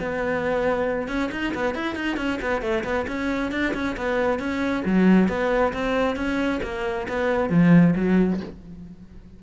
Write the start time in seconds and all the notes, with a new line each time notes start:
0.00 B3
1.08 C#4
1.32 D#4
1.55 B3
1.75 E4
1.95 D#4
2.17 C#4
2.42 B3
2.62 A3
2.84 B3
3.08 C#4
3.52 D4
3.74 C#4
3.97 B3
4.39 C#4
4.85 F#3
5.28 B3
5.73 C4
6.16 C#4
6.63 A#3
7.09 B3
7.50 F3
7.96 F#3